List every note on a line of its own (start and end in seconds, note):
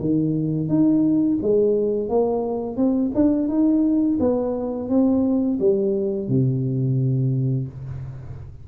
0.00 0.69 D#3
0.69 1.39 D#4
1.42 2.09 G#3
2.09 2.77 A#3
2.77 3.12 C4
3.15 3.49 D4
3.49 4.19 D#4
4.20 4.89 B3
4.89 5.59 C4
5.60 6.29 G3
6.29 7.68 C3